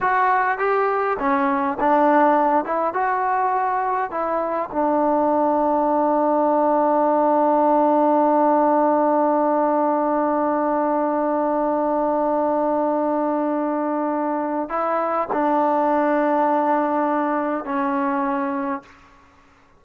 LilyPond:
\new Staff \with { instrumentName = "trombone" } { \time 4/4 \tempo 4 = 102 fis'4 g'4 cis'4 d'4~ | d'8 e'8 fis'2 e'4 | d'1~ | d'1~ |
d'1~ | d'1~ | d'4 e'4 d'2~ | d'2 cis'2 | }